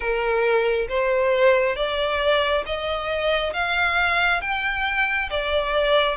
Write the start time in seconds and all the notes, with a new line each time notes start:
0.00 A#4
0.88 C5
1.76 D5
2.66 D#5
3.53 F5
4.41 G5
5.29 D5